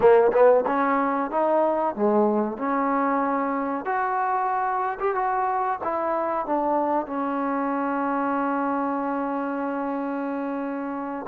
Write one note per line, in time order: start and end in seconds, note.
0.00 0.31 A#3
0.32 0.64 B3
0.66 1.30 C#4
1.30 1.95 D#4
1.95 2.57 G#3
2.57 3.85 C#4
3.85 4.98 F#4
4.99 5.14 G4
5.14 5.79 F#4
5.83 6.45 E4
6.45 7.06 D4
7.06 11.26 C#4